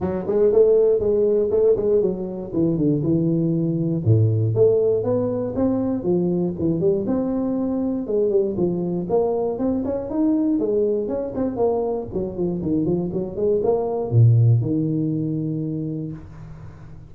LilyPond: \new Staff \with { instrumentName = "tuba" } { \time 4/4 \tempo 4 = 119 fis8 gis8 a4 gis4 a8 gis8 | fis4 e8 d8 e2 | a,4 a4 b4 c'4 | f4 e8 g8 c'2 |
gis8 g8 f4 ais4 c'8 cis'8 | dis'4 gis4 cis'8 c'8 ais4 | fis8 f8 dis8 f8 fis8 gis8 ais4 | ais,4 dis2. | }